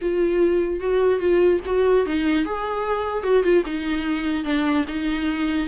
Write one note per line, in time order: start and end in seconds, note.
0.01 0.80 F4
0.80 1.19 F#4
1.19 1.60 F4
1.65 2.05 F#4
2.05 2.45 D#4
2.45 3.23 G#4
3.23 3.43 F#4
3.43 3.63 F4
3.65 4.44 D#4
4.44 4.85 D4
4.87 5.68 D#4